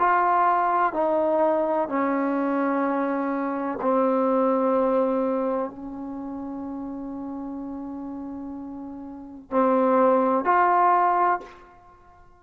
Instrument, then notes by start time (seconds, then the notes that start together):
trombone
0.00 F4
0.94 D#4
1.89 C#4
3.82 C4
5.70 C#4
9.51 C4
10.45 F4